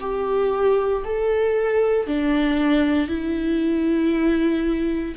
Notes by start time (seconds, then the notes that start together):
0.00 G4
1.04 A4
2.07 D4
3.08 E4